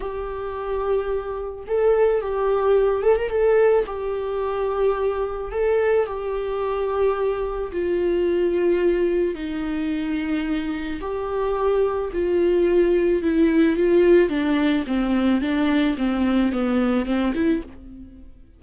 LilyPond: \new Staff \with { instrumentName = "viola" } { \time 4/4 \tempo 4 = 109 g'2. a'4 | g'4. a'16 ais'16 a'4 g'4~ | g'2 a'4 g'4~ | g'2 f'2~ |
f'4 dis'2. | g'2 f'2 | e'4 f'4 d'4 c'4 | d'4 c'4 b4 c'8 e'8 | }